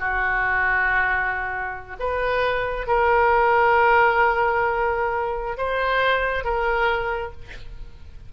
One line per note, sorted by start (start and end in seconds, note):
0.00 1.97 F#4
2.00 2.87 B4
2.87 5.58 A#4
5.58 6.45 C5
6.45 7.32 A#4